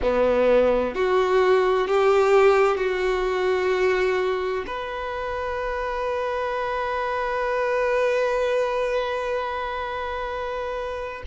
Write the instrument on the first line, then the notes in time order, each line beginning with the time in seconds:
violin
0.02 B3
0.95 F#4
1.87 G4
2.77 F#4
4.66 B4